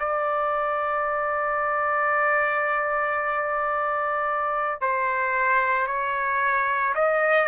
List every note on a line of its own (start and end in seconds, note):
0.00 4.82 D5
4.82 5.87 C5
5.87 6.94 C#5
6.95 7.49 D#5